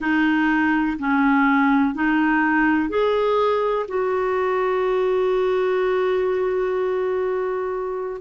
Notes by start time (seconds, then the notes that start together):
0.00 D#4
0.99 C#4
1.94 D#4
2.89 G#4
3.88 F#4